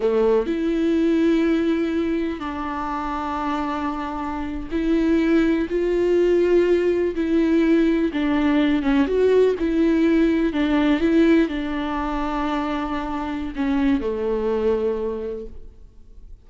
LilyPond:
\new Staff \with { instrumentName = "viola" } { \time 4/4 \tempo 4 = 124 a4 e'2.~ | e'4 d'2.~ | d'4.~ d'16 e'2 f'16~ | f'2~ f'8. e'4~ e'16~ |
e'8. d'4. cis'8 fis'4 e'16~ | e'4.~ e'16 d'4 e'4 d'16~ | d'1 | cis'4 a2. | }